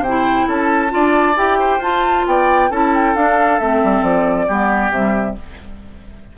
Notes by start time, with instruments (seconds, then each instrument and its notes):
0.00 bassoon C3, oboe C5, flute G5
0.08 clarinet E4
0.47 bassoon C#4, oboe A4, flute A5
0.89 bassoon D4, clarinet F4, oboe D5
1.36 bassoon E4, clarinet G4, flute G5
1.59 oboe C5
1.78 bassoon F4, clarinet F4, flute A5
2.26 bassoon B3, oboe D5, flute G5
2.70 bassoon C#4, clarinet E4, oboe A4, flute A5
2.94 flute G5
3.15 bassoon D4, clarinet D4, flute F5
3.59 bassoon A3, clarinet C4, flute E5
3.83 bassoon G3
4.01 bassoon F3, flute D5
4.47 bassoon G3, clarinet B3, oboe G4
4.90 bassoon C3, clarinet G3, flute E5